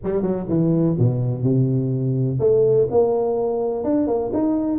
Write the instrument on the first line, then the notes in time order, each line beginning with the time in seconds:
tuba
0.03 G3
0.22 F#3
0.48 E3
0.98 B2
1.43 C3
2.39 A3
2.90 A#3
3.84 D4
4.07 A#3
4.33 D#4